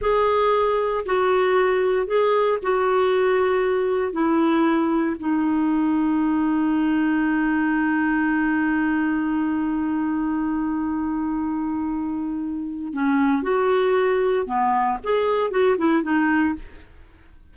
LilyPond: \new Staff \with { instrumentName = "clarinet" } { \time 4/4 \tempo 4 = 116 gis'2 fis'2 | gis'4 fis'2. | e'2 dis'2~ | dis'1~ |
dis'1~ | dis'1~ | dis'4 cis'4 fis'2 | b4 gis'4 fis'8 e'8 dis'4 | }